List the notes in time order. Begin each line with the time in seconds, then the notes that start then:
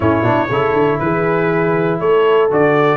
0.00 A2 C#4 E4 C#5
0.22 B2 D4
0.49 C#3 E4 A4
0.73 D3
0.99 E3 G#4 B4
1.99 A3 A4 C#5
2.50 D3 F#4 D5